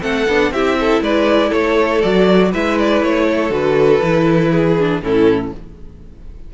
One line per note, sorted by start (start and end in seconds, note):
0.00 0.27 A3
0.00 0.25 C4
0.00 0.52 A4
0.00 0.52 F#5
0.27 0.51 B3
0.27 0.53 D4
0.51 1.01 C4
0.51 2.02 E4
0.51 0.78 G4
0.51 1.02 E5
0.80 1.03 A4
1.01 1.51 G#3
1.01 1.49 B4
1.01 1.52 D5
1.49 2.03 A3
1.49 2.49 A4
1.49 2.01 C#5
2.01 2.54 F#3
2.01 2.52 F#4
2.01 2.51 D5
2.51 3.02 G#3
2.51 3.50 E4
2.51 3.26 B4
2.51 2.78 E5
2.78 3.03 D5
3.02 3.50 A3
3.02 3.53 C#5
3.27 4.51 A4
3.50 4.00 D3
3.50 4.00 F#4
3.50 5.02 B4
4.02 5.01 E3
4.02 4.78 E4
4.51 5.01 G#4
4.79 5.02 D4
5.01 5.51 A2
5.01 5.52 C#4
5.01 5.54 E4
5.01 5.52 A4